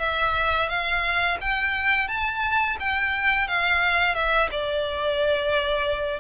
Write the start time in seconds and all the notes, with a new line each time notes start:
0.00 E5
0.69 F5
1.41 G5
2.08 A5
2.80 G5
3.48 F5
4.15 E5
4.51 D5